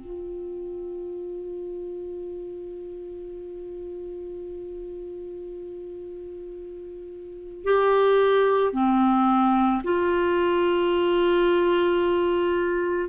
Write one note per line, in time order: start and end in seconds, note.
0.00 7.64 F4
7.64 8.72 G4
8.72 9.81 C4
9.83 13.09 F4